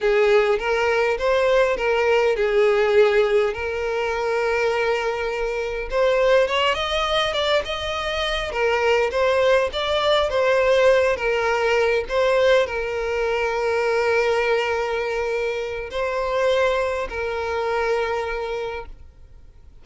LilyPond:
\new Staff \with { instrumentName = "violin" } { \time 4/4 \tempo 4 = 102 gis'4 ais'4 c''4 ais'4 | gis'2 ais'2~ | ais'2 c''4 cis''8 dis''8~ | dis''8 d''8 dis''4. ais'4 c''8~ |
c''8 d''4 c''4. ais'4~ | ais'8 c''4 ais'2~ ais'8~ | ais'2. c''4~ | c''4 ais'2. | }